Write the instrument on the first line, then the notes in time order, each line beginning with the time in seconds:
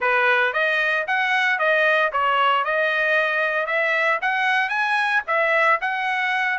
trumpet
0.00 B4
0.53 D#5
1.07 F#5
1.58 D#5
2.12 C#5
2.64 D#5
3.66 E5
4.21 F#5
4.69 G#5
5.27 E5
5.81 F#5